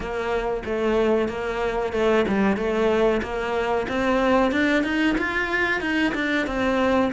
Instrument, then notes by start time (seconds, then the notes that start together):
cello
0.00 A#3
0.65 A3
1.28 A#3
1.92 A3
2.28 G3
2.56 A3
3.22 A#3
3.88 C4
4.51 D4
4.83 D#4
5.18 F4
5.81 D#4
6.14 D4
6.46 C4